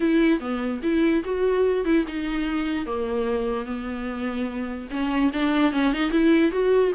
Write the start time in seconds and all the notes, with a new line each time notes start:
0.00 E4
0.40 B3
0.83 E4
1.24 F#4
1.84 E4
2.07 D#4
2.86 A#3
3.65 B3
4.90 C#4
5.33 D4
5.72 C#4
5.93 D#4
6.10 E4
6.51 F#4